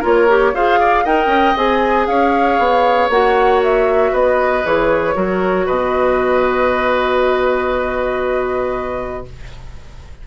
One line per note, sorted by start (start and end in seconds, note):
0.00 0.54 A#3
0.00 0.29 F4
0.00 0.51 A#4
0.00 0.56 C#5
0.29 0.55 G4
0.54 1.05 F4
0.54 1.05 G#4
0.54 0.80 C5
0.54 1.06 F5
0.80 1.04 D5
1.04 1.27 D#4
1.04 1.56 A#4
1.04 2.07 D#5
1.04 1.57 G5
1.27 1.53 C#4
1.57 2.08 C4
1.57 3.10 G#4
1.57 2.07 G#5
2.07 2.59 C#4
2.07 4.12 C#5
2.07 3.10 F5
2.59 3.10 B3
3.10 4.12 A#3
3.10 4.64 F#4
3.10 3.62 F#5
3.64 4.15 E5
4.12 4.65 B3
4.12 5.15 B4
4.12 4.66 D#5
4.64 5.16 E3
4.64 5.15 G#4
4.64 5.68 C#5
5.15 5.68 F#3
5.15 9.25 F#4
5.15 5.67 A#4
5.67 9.27 B2
5.67 9.26 B4
5.67 9.27 D#5